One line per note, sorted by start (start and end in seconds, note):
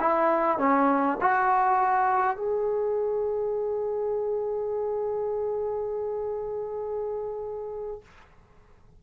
0.00 0.58 E4
0.58 1.17 C#4
1.21 2.37 F#4
2.37 8.01 G#4